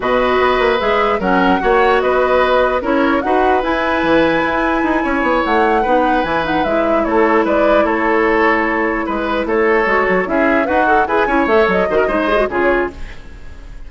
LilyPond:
<<
  \new Staff \with { instrumentName = "flute" } { \time 4/4 \tempo 4 = 149 dis''2 e''4 fis''4~ | fis''4 dis''2 cis''4 | fis''4 gis''2.~ | gis''4. fis''2 gis''8 |
fis''8 e''4 cis''4 d''4 cis''8~ | cis''2~ cis''8 b'4 cis''8~ | cis''4. e''4 fis''4 gis''8~ | gis''8 e''8 dis''2 cis''4 | }
  \new Staff \with { instrumentName = "oboe" } { \time 4/4 b'2. ais'4 | cis''4 b'2 ais'4 | b'1~ | b'8 cis''2 b'4.~ |
b'4. a'4 b'4 a'8~ | a'2~ a'8 b'4 a'8~ | a'4. gis'4 fis'4 b'8 | cis''4. c''16 ais'16 c''4 gis'4 | }
  \new Staff \with { instrumentName = "clarinet" } { \time 4/4 fis'2 gis'4 cis'4 | fis'2. e'4 | fis'4 e'2.~ | e'2~ e'8 dis'4 e'8 |
dis'8 e'2.~ e'8~ | e'1~ | e'8 fis'4 e'4 b'8 a'8 gis'8 | e'8 a'4 fis'8 dis'8 gis'16 fis'16 f'4 | }
  \new Staff \with { instrumentName = "bassoon" } { \time 4/4 b,4 b8 ais8 gis4 fis4 | ais4 b2 cis'4 | dis'4 e'4 e4 e'4 | dis'8 cis'8 b8 a4 b4 e8~ |
e8 gis4 a4 gis4 a8~ | a2~ a8 gis4 a8~ | a8 gis8 fis8 cis'4 dis'4 e'8 | cis'8 a8 fis8 dis8 gis4 cis4 | }
>>